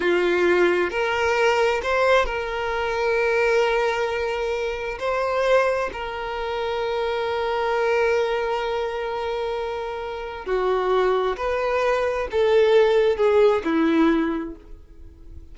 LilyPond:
\new Staff \with { instrumentName = "violin" } { \time 4/4 \tempo 4 = 132 f'2 ais'2 | c''4 ais'2.~ | ais'2. c''4~ | c''4 ais'2.~ |
ais'1~ | ais'2. fis'4~ | fis'4 b'2 a'4~ | a'4 gis'4 e'2 | }